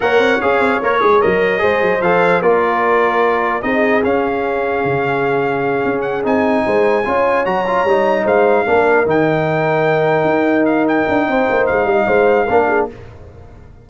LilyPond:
<<
  \new Staff \with { instrumentName = "trumpet" } { \time 4/4 \tempo 4 = 149 fis''4 f''4 cis''4 dis''4~ | dis''4 f''4 d''2~ | d''4 dis''4 f''2~ | f''2. fis''8 gis''8~ |
gis''2~ gis''8 ais''4.~ | ais''8 f''2 g''4.~ | g''2~ g''8 f''8 g''4~ | g''4 f''2. | }
  \new Staff \with { instrumentName = "horn" } { \time 4/4 cis''1 | c''2 ais'2~ | ais'4 gis'2.~ | gis'1~ |
gis'8 c''4 cis''2~ cis''8~ | cis''8 c''4 ais'2~ ais'8~ | ais'1 | c''4. dis''8 c''4 ais'8 gis'8 | }
  \new Staff \with { instrumentName = "trombone" } { \time 4/4 ais'4 gis'4 ais'8 gis'8 ais'4 | gis'4 a'4 f'2~ | f'4 dis'4 cis'2~ | cis'2.~ cis'8 dis'8~ |
dis'4. f'4 fis'8 f'8 dis'8~ | dis'4. d'4 dis'4.~ | dis'1~ | dis'2. d'4 | }
  \new Staff \with { instrumentName = "tuba" } { \time 4/4 ais8 c'8 cis'8 c'8 ais8 gis8 fis4 | gis8 fis8 f4 ais2~ | ais4 c'4 cis'2 | cis2~ cis8 cis'4 c'8~ |
c'8 gis4 cis'4 fis4 g8~ | g8 gis4 ais4 dis4.~ | dis4. dis'2 d'8 | c'8 ais8 gis8 g8 gis4 ais4 | }
>>